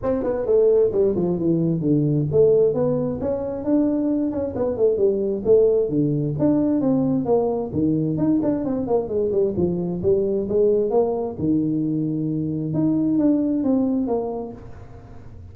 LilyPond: \new Staff \with { instrumentName = "tuba" } { \time 4/4 \tempo 4 = 132 c'8 b8 a4 g8 f8 e4 | d4 a4 b4 cis'4 | d'4. cis'8 b8 a8 g4 | a4 d4 d'4 c'4 |
ais4 dis4 dis'8 d'8 c'8 ais8 | gis8 g8 f4 g4 gis4 | ais4 dis2. | dis'4 d'4 c'4 ais4 | }